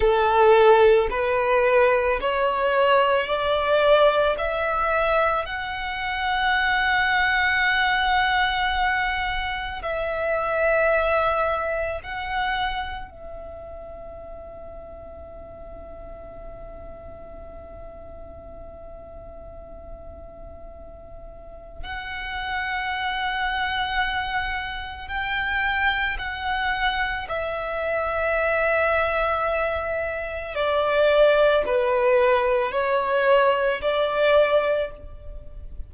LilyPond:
\new Staff \with { instrumentName = "violin" } { \time 4/4 \tempo 4 = 55 a'4 b'4 cis''4 d''4 | e''4 fis''2.~ | fis''4 e''2 fis''4 | e''1~ |
e''1 | fis''2. g''4 | fis''4 e''2. | d''4 b'4 cis''4 d''4 | }